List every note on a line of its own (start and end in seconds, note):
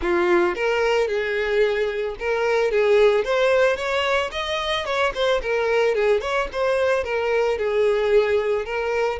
0.01 0.55 F4
0.55 1.07 A#4
1.07 2.15 G#4
2.19 2.71 A#4
2.71 3.24 G#4
3.24 3.76 C5
3.76 4.30 C#5
4.31 4.85 D#5
4.85 5.12 C#5
5.14 5.41 C5
5.42 5.95 A#4
5.95 6.20 G#4
6.20 6.47 C#5
6.52 7.04 C5
7.04 7.57 A#4
7.57 8.65 G#4
8.65 9.19 A#4